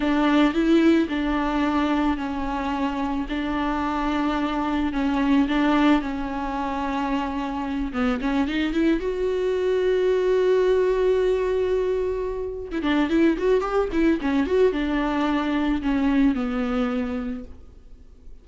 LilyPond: \new Staff \with { instrumentName = "viola" } { \time 4/4 \tempo 4 = 110 d'4 e'4 d'2 | cis'2 d'2~ | d'4 cis'4 d'4 cis'4~ | cis'2~ cis'8 b8 cis'8 dis'8 |
e'8 fis'2.~ fis'8~ | fis'2.~ fis'16 e'16 d'8 | e'8 fis'8 g'8 e'8 cis'8 fis'8 d'4~ | d'4 cis'4 b2 | }